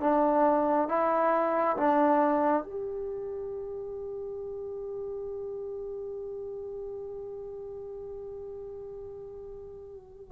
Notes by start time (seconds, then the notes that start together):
0.00 D4
0.88 E4
1.77 D4
2.63 G4